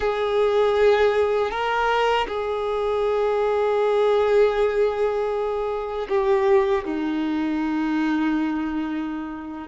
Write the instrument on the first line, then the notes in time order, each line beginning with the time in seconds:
violin
0.00 G#4
1.51 A#4
2.28 G#4
6.08 G4
6.85 D#4